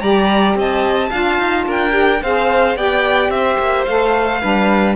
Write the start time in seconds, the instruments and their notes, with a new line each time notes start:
0.00 cello G3, saxophone G4, violin D5 A#5
0.55 cello C4, violin D#5 A5
1.10 cello D4, saxophone F4, violin F5
1.39 cello D#4
1.66 cello D4, violin A#4 G5
1.91 saxophone G4
2.22 cello C4, saxophone G#4, violin C5 F5
2.76 cello B3, saxophone G4, violin D5 G5
3.29 cello C4, violin E5
3.36 violin C5
3.59 cello A#3
3.85 cello A3, saxophone A4, violin F5
4.41 cello G3, saxophone D4, violin B4